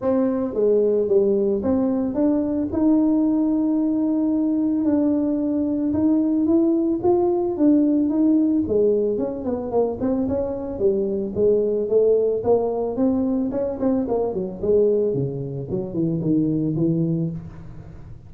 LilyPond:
\new Staff \with { instrumentName = "tuba" } { \time 4/4 \tempo 4 = 111 c'4 gis4 g4 c'4 | d'4 dis'2.~ | dis'4 d'2 dis'4 | e'4 f'4 d'4 dis'4 |
gis4 cis'8 b8 ais8 c'8 cis'4 | g4 gis4 a4 ais4 | c'4 cis'8 c'8 ais8 fis8 gis4 | cis4 fis8 e8 dis4 e4 | }